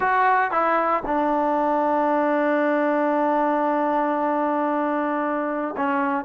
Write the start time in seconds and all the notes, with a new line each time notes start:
0.00 F#4
0.51 E4
1.05 D4
5.77 C#4